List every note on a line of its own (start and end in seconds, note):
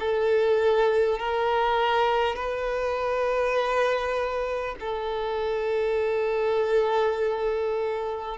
0.00 1.19 A4
1.19 2.36 A#4
2.36 4.76 B4
4.81 8.38 A4